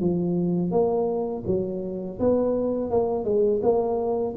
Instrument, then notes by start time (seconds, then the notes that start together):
tuba
0.00 F3
0.71 A#3
1.46 F#3
2.19 B3
2.90 A#3
3.24 G#3
3.62 A#3